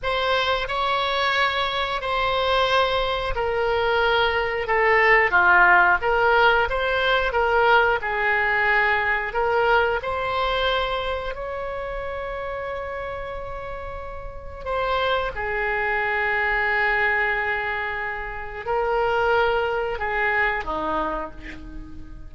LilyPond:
\new Staff \with { instrumentName = "oboe" } { \time 4/4 \tempo 4 = 90 c''4 cis''2 c''4~ | c''4 ais'2 a'4 | f'4 ais'4 c''4 ais'4 | gis'2 ais'4 c''4~ |
c''4 cis''2.~ | cis''2 c''4 gis'4~ | gis'1 | ais'2 gis'4 dis'4 | }